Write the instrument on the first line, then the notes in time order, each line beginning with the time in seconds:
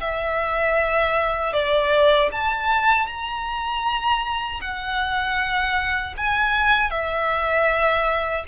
violin
0.00 E5
1.52 D5
2.31 A5
3.06 A#5
4.60 F#5
6.17 G#5
6.90 E5